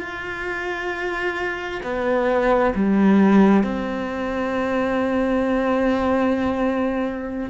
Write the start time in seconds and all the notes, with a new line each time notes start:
0.00 F4
1.83 B3
2.75 G3
3.64 C4